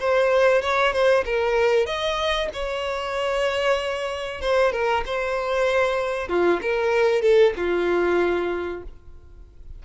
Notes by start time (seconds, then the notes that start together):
0.00 C5
0.62 C#5
0.92 C5
1.25 A#4
1.86 D#5
2.53 C#5
4.41 C5
4.72 A#4
5.06 C5
6.29 F4
6.62 A#4
7.22 A4
7.57 F4